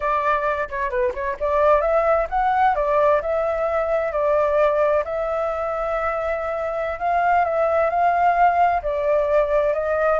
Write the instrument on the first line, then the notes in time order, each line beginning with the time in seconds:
flute
0.00 D5
0.69 C#5
0.90 B4
1.14 C#5
1.40 D5
1.81 E5
2.29 F#5
2.75 D5
3.21 E5
4.12 D5
5.04 E5
6.99 F5
7.44 E5
7.90 F5
8.82 D5
9.73 D#5